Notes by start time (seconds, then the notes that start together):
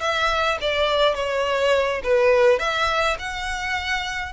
0.00 E5
0.61 D5
1.15 C#5
2.03 B4
2.59 E5
3.19 F#5